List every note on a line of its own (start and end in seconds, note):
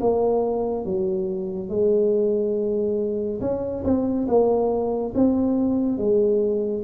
0.00 0.85 A#3
0.85 1.69 F#3
1.69 3.40 G#3
3.40 3.83 C#4
3.84 4.27 C4
4.27 5.13 A#3
5.14 5.97 C4
5.97 6.83 G#3